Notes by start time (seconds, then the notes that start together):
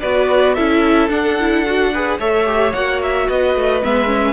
0.00 B3 F#4 B4 D5
0.54 C#4 E4 A4 E5
1.09 D4 F#5
1.40 E4
1.66 F#4
1.94 G#4 B4
2.19 A3 A4 C#5 E5
2.46 G4
2.73 A#3 F#4 F#5
3.03 E5
3.28 B3 B4 D#5
3.55 A3
3.83 G#3 B3 E5
4.06 C#4